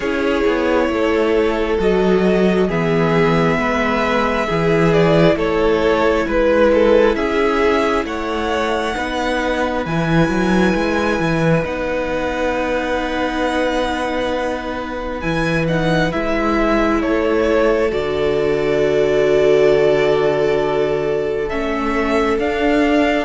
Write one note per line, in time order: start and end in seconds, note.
0.00 0.43 C#4
0.00 1.78 E4
0.00 0.86 G#4
0.00 1.78 C#5
0.46 0.88 B3
0.88 1.78 A3
0.88 2.68 A4
1.78 2.68 F#3
1.78 2.68 F#4
1.78 2.70 D#5
2.68 3.57 E3
2.68 4.48 B3
2.68 3.57 G#4
2.68 4.93 E5
3.57 4.47 G#3
3.57 4.46 B4
4.46 5.35 E3
4.46 8.94 E4
4.46 5.35 G#4
4.93 5.37 D5
5.35 6.25 A3
5.35 6.26 A4
5.35 6.27 C#5
6.26 7.15 G#3
6.26 6.71 B4
6.26 7.15 B4
6.73 7.16 A4
7.15 8.04 C#4
7.15 8.06 G#4
7.15 8.04 E5
8.04 8.94 A3
8.04 8.96 C#5
8.04 9.85 F#5
8.94 9.85 B3
8.94 9.84 D#4
8.94 17.01 B4
9.85 10.29 E3
9.85 11.62 E4
9.85 11.64 G#5
10.29 10.73 F#3
10.74 11.19 G#3
11.19 11.64 E3
11.62 15.22 B3
11.62 15.20 D#4
11.62 15.20 F#5
15.20 16.12 E3
15.20 15.66 E4
15.20 15.65 G#5
15.68 16.11 D#4
15.68 16.12 F#5
16.11 17.02 G#3
16.11 17.89 E4
16.11 17.01 E5
17.01 17.92 A3
17.01 23.25 A4
17.01 17.91 C#5
17.89 21.50 D3
17.89 21.48 F#4
17.89 21.49 D5
21.49 22.37 A3
21.49 22.39 C#4
21.49 22.38 E5
22.37 23.25 D4
22.37 23.25 F5